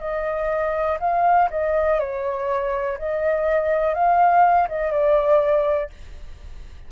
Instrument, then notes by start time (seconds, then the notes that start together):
flute
0.00 D#5
1.00 F5
1.50 D#5
1.99 C#5
2.99 D#5
3.94 F5
4.69 D#5
4.92 D5